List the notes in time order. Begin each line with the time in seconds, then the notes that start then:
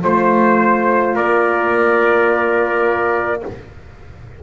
0.00 A3 F4 C5
1.16 A#3 A#4 D5